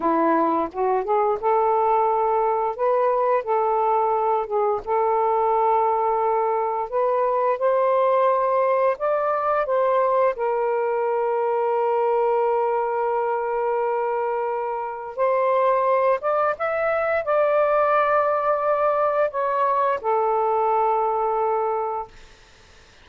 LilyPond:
\new Staff \with { instrumentName = "saxophone" } { \time 4/4 \tempo 4 = 87 e'4 fis'8 gis'8 a'2 | b'4 a'4. gis'8 a'4~ | a'2 b'4 c''4~ | c''4 d''4 c''4 ais'4~ |
ais'1~ | ais'2 c''4. d''8 | e''4 d''2. | cis''4 a'2. | }